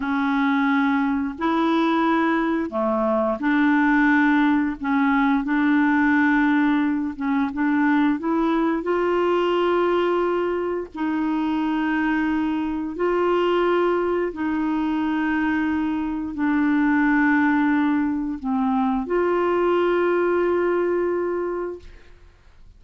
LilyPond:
\new Staff \with { instrumentName = "clarinet" } { \time 4/4 \tempo 4 = 88 cis'2 e'2 | a4 d'2 cis'4 | d'2~ d'8 cis'8 d'4 | e'4 f'2. |
dis'2. f'4~ | f'4 dis'2. | d'2. c'4 | f'1 | }